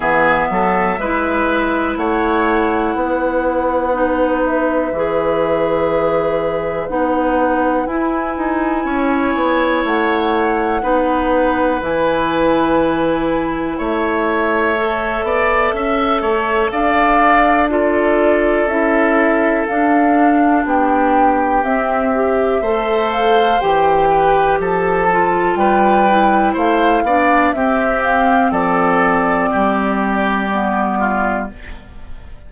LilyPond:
<<
  \new Staff \with { instrumentName = "flute" } { \time 4/4 \tempo 4 = 61 e''2 fis''2~ | fis''8 e''2~ e''8 fis''4 | gis''2 fis''2 | gis''2 e''2~ |
e''4 f''4 d''4 e''4 | f''4 g''4 e''4. f''8 | g''4 a''4 g''4 f''4 | e''8 f''8 d''2. | }
  \new Staff \with { instrumentName = "oboe" } { \time 4/4 gis'8 a'8 b'4 cis''4 b'4~ | b'1~ | b'4 cis''2 b'4~ | b'2 cis''4. d''8 |
e''8 cis''8 d''4 a'2~ | a'4 g'2 c''4~ | c''8 b'8 a'4 b'4 c''8 d''8 | g'4 a'4 g'4. f'8 | }
  \new Staff \with { instrumentName = "clarinet" } { \time 4/4 b4 e'2. | dis'4 gis'2 dis'4 | e'2. dis'4 | e'2. a'4~ |
a'2 f'4 e'4 | d'2 c'8 g'8 a'4 | g'4. f'4 e'4 d'8 | c'2. b4 | }
  \new Staff \with { instrumentName = "bassoon" } { \time 4/4 e8 fis8 gis4 a4 b4~ | b4 e2 b4 | e'8 dis'8 cis'8 b8 a4 b4 | e2 a4. b8 |
cis'8 a8 d'2 cis'4 | d'4 b4 c'4 a4 | e4 f4 g4 a8 b8 | c'4 f4 g2 | }
>>